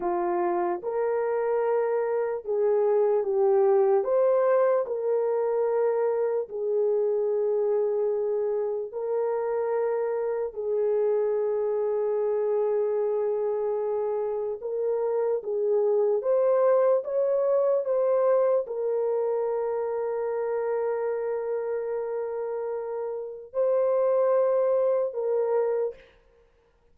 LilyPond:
\new Staff \with { instrumentName = "horn" } { \time 4/4 \tempo 4 = 74 f'4 ais'2 gis'4 | g'4 c''4 ais'2 | gis'2. ais'4~ | ais'4 gis'2.~ |
gis'2 ais'4 gis'4 | c''4 cis''4 c''4 ais'4~ | ais'1~ | ais'4 c''2 ais'4 | }